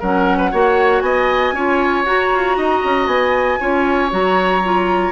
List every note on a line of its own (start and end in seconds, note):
0.00 0.53 F#3
0.00 0.53 C#4
0.00 0.38 A#4
0.00 1.01 F#5
0.38 0.51 B4
0.52 1.02 A#3
0.52 1.55 F#4
0.52 1.03 C#5
1.01 1.53 B3
1.01 1.55 D#5
1.01 2.03 G#5
1.53 2.04 C#4
1.53 2.06 F4
1.53 2.57 C#5
2.05 2.31 F#4
2.05 3.60 F#4
2.05 3.08 A#5
2.34 2.57 F4
2.57 2.83 D#4
2.57 3.60 D#5
2.85 3.07 C#4
3.07 3.58 B3
3.07 4.10 G#5
3.60 4.12 C#4
3.60 4.10 F4
3.60 5.12 C#5
4.10 5.12 F#3
4.10 4.61 F#4
4.10 5.12 A#5
4.64 5.12 F4